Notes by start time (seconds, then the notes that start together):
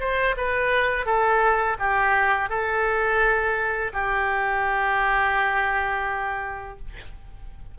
0.00 C5
0.37 B4
1.06 A4
1.79 G4
2.49 A4
3.93 G4